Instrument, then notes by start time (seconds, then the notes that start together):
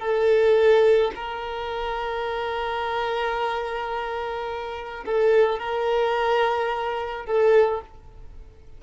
violin
0.00 A4
1.16 A#4
5.06 A4
5.60 A#4
7.26 A4